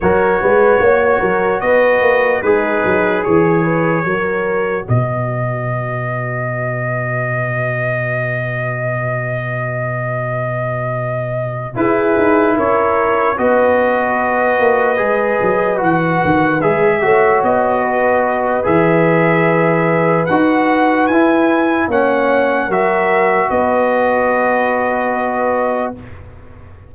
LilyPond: <<
  \new Staff \with { instrumentName = "trumpet" } { \time 4/4 \tempo 4 = 74 cis''2 dis''4 b'4 | cis''2 dis''2~ | dis''1~ | dis''2~ dis''8 b'4 cis''8~ |
cis''8 dis''2. fis''8~ | fis''8 e''4 dis''4. e''4~ | e''4 fis''4 gis''4 fis''4 | e''4 dis''2. | }
  \new Staff \with { instrumentName = "horn" } { \time 4/4 ais'8 b'8 cis''8 ais'8 b'4 dis'4 | gis'8 b'8 ais'4 b'2~ | b'1~ | b'2~ b'8 gis'4 ais'8~ |
ais'8 b'2.~ b'8~ | b'4 cis''4 b'2~ | b'2. cis''4 | ais'4 b'2. | }
  \new Staff \with { instrumentName = "trombone" } { \time 4/4 fis'2. gis'4~ | gis'4 fis'2.~ | fis'1~ | fis'2~ fis'8 e'4.~ |
e'8 fis'2 gis'4 fis'8~ | fis'8 gis'8 fis'2 gis'4~ | gis'4 fis'4 e'4 cis'4 | fis'1 | }
  \new Staff \with { instrumentName = "tuba" } { \time 4/4 fis8 gis8 ais8 fis8 b8 ais8 gis8 fis8 | e4 fis4 b,2~ | b,1~ | b,2~ b,8 e'8 dis'8 cis'8~ |
cis'8 b4. ais8 gis8 fis8 e8 | dis8 gis8 a8 b4. e4~ | e4 dis'4 e'4 ais4 | fis4 b2. | }
>>